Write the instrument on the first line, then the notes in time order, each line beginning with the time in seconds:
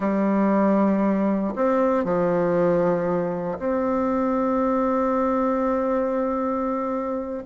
bassoon
0.00 G3
1.55 C4
2.04 F3
3.58 C4